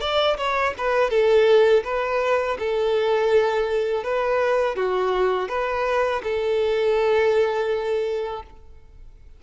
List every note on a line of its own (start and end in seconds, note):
0.00 0.37 D5
0.37 0.74 C#5
0.77 1.10 B4
1.10 1.83 A4
1.84 2.57 B4
2.59 4.03 A4
4.03 4.76 B4
4.76 5.48 F#4
5.48 6.21 B4
6.23 8.42 A4